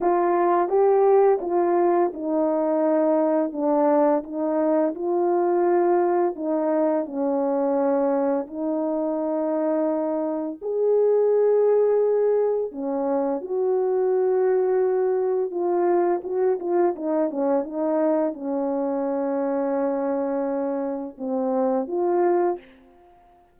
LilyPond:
\new Staff \with { instrumentName = "horn" } { \time 4/4 \tempo 4 = 85 f'4 g'4 f'4 dis'4~ | dis'4 d'4 dis'4 f'4~ | f'4 dis'4 cis'2 | dis'2. gis'4~ |
gis'2 cis'4 fis'4~ | fis'2 f'4 fis'8 f'8 | dis'8 cis'8 dis'4 cis'2~ | cis'2 c'4 f'4 | }